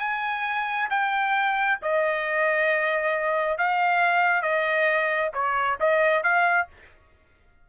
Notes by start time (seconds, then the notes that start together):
0.00 G#5
0.90 G5
1.82 D#5
3.58 F5
4.42 D#5
5.34 C#5
5.80 D#5
6.23 F5